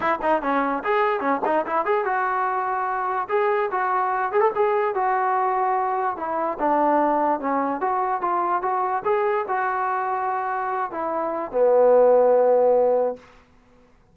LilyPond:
\new Staff \with { instrumentName = "trombone" } { \time 4/4 \tempo 4 = 146 e'8 dis'8 cis'4 gis'4 cis'8 dis'8 | e'8 gis'8 fis'2. | gis'4 fis'4. gis'16 a'16 gis'4 | fis'2. e'4 |
d'2 cis'4 fis'4 | f'4 fis'4 gis'4 fis'4~ | fis'2~ fis'8 e'4. | b1 | }